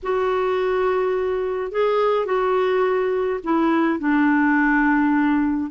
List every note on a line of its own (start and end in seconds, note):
0.02 1.71 F#4
1.71 2.25 G#4
2.25 3.39 F#4
3.43 3.99 E4
3.99 5.70 D4